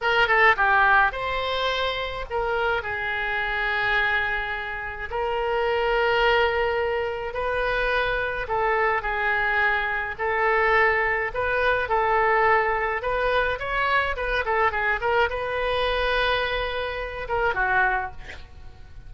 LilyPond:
\new Staff \with { instrumentName = "oboe" } { \time 4/4 \tempo 4 = 106 ais'8 a'8 g'4 c''2 | ais'4 gis'2.~ | gis'4 ais'2.~ | ais'4 b'2 a'4 |
gis'2 a'2 | b'4 a'2 b'4 | cis''4 b'8 a'8 gis'8 ais'8 b'4~ | b'2~ b'8 ais'8 fis'4 | }